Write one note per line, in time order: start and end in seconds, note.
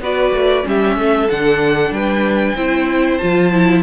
0.00 0.32 B3
0.00 0.63 F#4
0.00 0.66 B4
0.00 0.67 D5
0.32 0.64 A3
0.63 0.96 G3
0.63 1.27 C#4
0.63 0.99 G4
0.63 1.30 E5
0.96 1.28 A3
0.96 1.95 A4
1.30 1.91 D3
1.30 2.56 D4
1.30 1.93 F#5
1.91 2.55 G3
1.91 2.56 B4
1.91 3.18 G5
2.56 3.19 C4
2.56 3.20 E4
2.56 3.83 C5
3.18 3.83 F3
3.18 3.52 F4
3.18 3.82 A5
3.53 3.83 E4